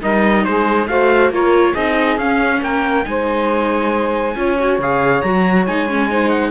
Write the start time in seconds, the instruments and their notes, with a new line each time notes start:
0.00 cello G3, viola D#4, saxophone A#4, trumpet D#5
0.44 cello G#3, saxophone G#4, trumpet C5
0.87 cello A3, viola F#4, saxophone C5, trumpet F5
1.29 cello A#3, viola F4, saxophone A#4, trumpet C#5
1.71 cello C4, viola D#4, saxophone G#4, trumpet D#5
2.17 cello C#4, viola C#4, trumpet F5
2.62 cello A#3, saxophone A#4, trumpet G5
3.04 cello G#3, viola D#4, saxophone C5, trumpet G#5
4.35 cello C#4, viola F4, saxophone C#5
4.58 viola F#4
4.78 cello C#3, viola G#4, trumpet F5
5.21 cello F#3, viola F#4, trumpet A#5
5.66 cello G#3, viola D#4, trumpet G#5
5.88 viola C#4
6.09 viola D#4, saxophone C5
6.29 trumpet F#5